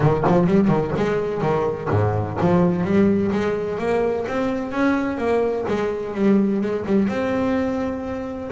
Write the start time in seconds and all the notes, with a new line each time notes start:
0.00 D#3
0.26 F3
0.46 G3
0.67 D#3
0.96 G#3
1.41 D#3
1.90 G#2
2.41 F3
2.83 G3
3.32 G#3
3.78 A#3
4.28 C4
4.71 C#4
5.17 A#3
5.68 G#3
6.14 G3
6.61 G#3
6.86 G3
7.08 C4